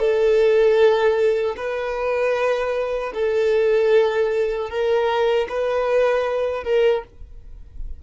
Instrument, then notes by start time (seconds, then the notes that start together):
violin
0.00 A4
1.57 B4
3.14 A4
4.70 A#4
5.50 B4
6.64 A#4